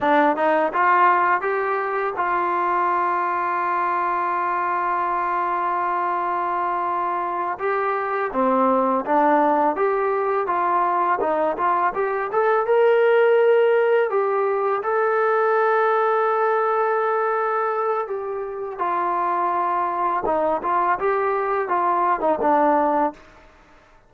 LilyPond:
\new Staff \with { instrumentName = "trombone" } { \time 4/4 \tempo 4 = 83 d'8 dis'8 f'4 g'4 f'4~ | f'1~ | f'2~ f'8 g'4 c'8~ | c'8 d'4 g'4 f'4 dis'8 |
f'8 g'8 a'8 ais'2 g'8~ | g'8 a'2.~ a'8~ | a'4 g'4 f'2 | dis'8 f'8 g'4 f'8. dis'16 d'4 | }